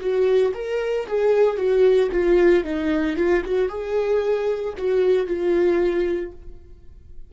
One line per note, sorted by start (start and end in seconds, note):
0.00 0.53 F#4
0.54 1.07 A#4
1.07 1.57 G#4
1.57 2.10 F#4
2.12 2.65 F4
2.65 3.17 D#4
3.17 3.43 F4
3.45 3.69 F#4
3.69 4.74 G#4
4.78 5.27 F#4
5.27 6.33 F4